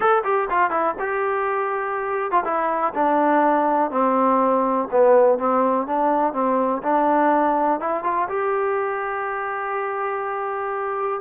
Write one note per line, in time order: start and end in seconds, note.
0.00 0.23 A4
0.24 0.48 G4
0.50 0.70 F4
0.70 0.94 E4
0.99 2.31 G4
2.31 2.43 F4
2.44 2.93 E4
2.94 3.90 D4
3.90 4.88 C4
4.91 5.38 B3
5.38 5.86 C4
5.86 6.33 D4
6.33 6.82 C4
6.82 7.80 D4
7.80 8.03 E4
8.03 8.28 F4
8.28 11.21 G4